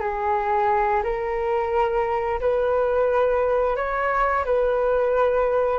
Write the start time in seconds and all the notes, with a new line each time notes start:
0.00 G#4
1.03 A#4
2.40 B4
3.76 C#5
4.44 B4